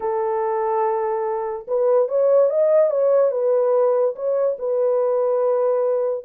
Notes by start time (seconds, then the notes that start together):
0.00 A4
1.67 B4
2.08 C#5
2.50 D#5
2.90 C#5
3.31 B4
4.15 C#5
4.58 B4